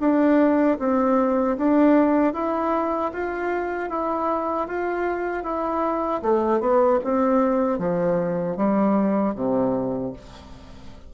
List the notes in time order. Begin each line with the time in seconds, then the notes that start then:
0.00 D4
0.79 C4
1.57 D4
2.34 E4
3.12 F4
3.90 E4
4.68 F4
5.44 E4
6.22 A3
6.60 B3
7.04 C4
7.79 F3
8.57 G3
9.35 C3